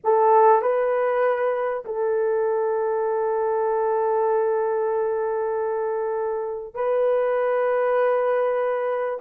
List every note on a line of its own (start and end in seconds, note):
0.04 0.62 A4
0.62 1.84 B4
1.85 6.74 A4
6.74 9.19 B4